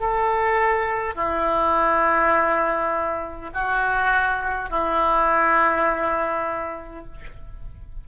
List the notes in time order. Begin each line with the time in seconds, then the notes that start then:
0.00 A4
1.14 E4
3.53 F#4
4.70 E4